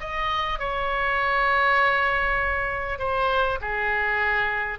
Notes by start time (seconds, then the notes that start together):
0.00 D#5
0.59 C#5
2.99 C5
3.61 G#4